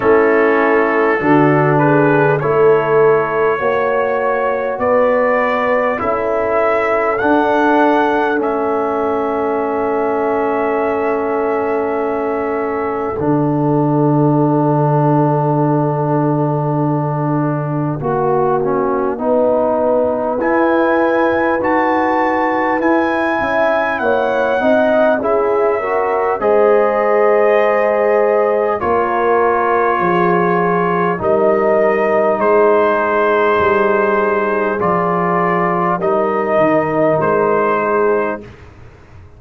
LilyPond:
<<
  \new Staff \with { instrumentName = "trumpet" } { \time 4/4 \tempo 4 = 50 a'4. b'8 cis''2 | d''4 e''4 fis''4 e''4~ | e''2. fis''4~ | fis''1~ |
fis''4 gis''4 a''4 gis''4 | fis''4 e''4 dis''2 | cis''2 dis''4 c''4~ | c''4 d''4 dis''4 c''4 | }
  \new Staff \with { instrumentName = "horn" } { \time 4/4 e'4 fis'8 gis'8 a'4 cis''4 | b'4 a'2.~ | a'1~ | a'2. fis'4 |
b'2.~ b'8 e''8 | cis''8 dis''8 gis'8 ais'8 c''2 | ais'4 gis'4 ais'4 gis'4~ | gis'2 ais'4. gis'8 | }
  \new Staff \with { instrumentName = "trombone" } { \time 4/4 cis'4 d'4 e'4 fis'4~ | fis'4 e'4 d'4 cis'4~ | cis'2. d'4~ | d'2. fis'8 cis'8 |
dis'4 e'4 fis'4 e'4~ | e'8 dis'8 e'8 fis'8 gis'2 | f'2 dis'2~ | dis'4 f'4 dis'2 | }
  \new Staff \with { instrumentName = "tuba" } { \time 4/4 a4 d4 a4 ais4 | b4 cis'4 d'4 a4~ | a2. d4~ | d2. ais4 |
b4 e'4 dis'4 e'8 cis'8 | ais8 c'8 cis'4 gis2 | ais4 f4 g4 gis4 | g4 f4 g8 dis8 gis4 | }
>>